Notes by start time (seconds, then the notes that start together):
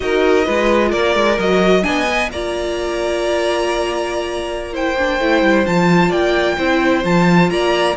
0.00 D#4 F#4 A#4 D#5
0.45 G#3 F4 B4
0.89 A#3 A#4 D5
1.14 G#3
1.38 F#3 F#4 D#5
1.82 B3 D4 D#5 G#5
2.09 B4
2.30 A#3 F4 D5 A#5
4.72 E4 C5 G5
4.97 D4
5.18 A3 E4
5.42 G3
5.66 F3 F4 A5
6.09 A#3 D5 G5
6.57 C4 E4 C5
7.03 F3 F4 A5
7.50 A#3 D5 A#5